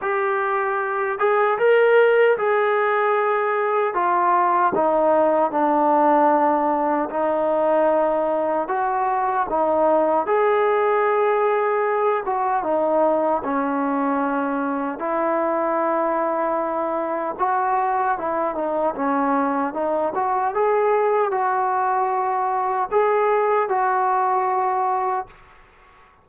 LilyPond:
\new Staff \with { instrumentName = "trombone" } { \time 4/4 \tempo 4 = 76 g'4. gis'8 ais'4 gis'4~ | gis'4 f'4 dis'4 d'4~ | d'4 dis'2 fis'4 | dis'4 gis'2~ gis'8 fis'8 |
dis'4 cis'2 e'4~ | e'2 fis'4 e'8 dis'8 | cis'4 dis'8 fis'8 gis'4 fis'4~ | fis'4 gis'4 fis'2 | }